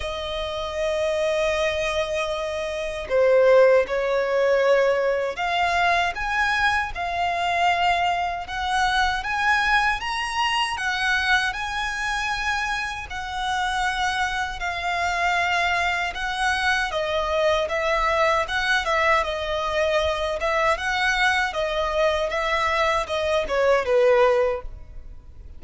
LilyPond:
\new Staff \with { instrumentName = "violin" } { \time 4/4 \tempo 4 = 78 dis''1 | c''4 cis''2 f''4 | gis''4 f''2 fis''4 | gis''4 ais''4 fis''4 gis''4~ |
gis''4 fis''2 f''4~ | f''4 fis''4 dis''4 e''4 | fis''8 e''8 dis''4. e''8 fis''4 | dis''4 e''4 dis''8 cis''8 b'4 | }